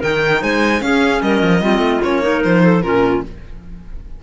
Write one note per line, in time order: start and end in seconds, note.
0.00 0.42 D#3
0.00 0.80 D#4
0.00 0.40 A#4
0.00 0.43 G5
0.41 0.81 G#3
0.41 0.81 C5
0.41 0.81 G#5
0.80 1.60 C#4
0.80 1.21 C#4
0.80 1.23 G#4
0.80 1.21 F5
1.22 1.42 G3
1.22 1.62 A#4
1.22 2.02 D#5
1.42 1.61 F3
1.61 1.79 G3
1.61 2.02 C4
1.61 2.22 F4
1.79 1.99 A3
2.02 2.45 A#3
2.02 2.22 C#4
2.02 2.43 C#5
2.22 2.82 D#4
2.22 2.62 A#4
2.43 2.83 F3
2.43 2.82 C5
2.63 2.83 A4
2.82 3.23 A#2
2.82 3.23 C#4
2.82 3.23 F4
2.82 3.22 A#4